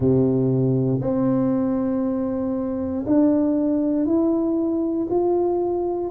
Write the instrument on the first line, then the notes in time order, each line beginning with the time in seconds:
tuba
0.00 C3
1.01 C4
3.06 D4
4.05 E4
5.10 F4